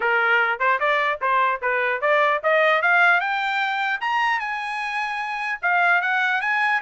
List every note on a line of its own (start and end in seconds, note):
0.00 0.59 A#4
0.59 0.79 C5
0.79 1.19 D5
1.21 1.61 C5
1.61 2.01 B4
2.01 2.41 D5
2.43 2.82 D#5
2.82 3.20 F5
3.20 4.00 G5
4.01 4.39 A#5
4.39 5.59 G#5
5.62 6.01 F5
6.01 6.41 F#5
6.41 6.81 G#5